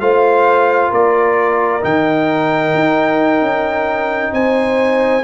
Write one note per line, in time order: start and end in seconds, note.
0.00 0.91 A3
0.00 1.81 F4
0.00 0.91 C5
0.00 0.92 F5
0.91 1.83 A#3
0.91 4.32 A#4
0.91 1.84 D5
1.81 2.74 D#3
1.81 5.22 D#4
1.81 4.34 G5
2.74 3.41 D#4
3.41 4.32 C#4
4.33 5.23 C4
4.33 5.24 C5
4.33 5.24 G#5